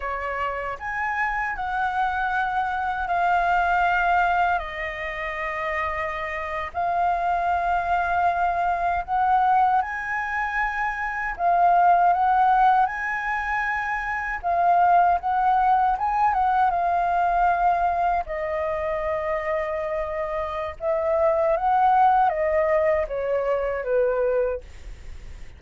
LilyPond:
\new Staff \with { instrumentName = "flute" } { \time 4/4 \tempo 4 = 78 cis''4 gis''4 fis''2 | f''2 dis''2~ | dis''8. f''2. fis''16~ | fis''8. gis''2 f''4 fis''16~ |
fis''8. gis''2 f''4 fis''16~ | fis''8. gis''8 fis''8 f''2 dis''16~ | dis''2. e''4 | fis''4 dis''4 cis''4 b'4 | }